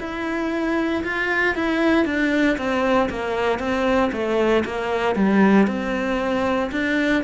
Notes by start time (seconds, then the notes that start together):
0.00 E4
1.04 F4
1.56 E4
2.05 D4
2.58 C4
3.10 A#3
3.59 C4
4.13 A3
4.65 A#3
5.16 G3
5.68 C4
6.72 D4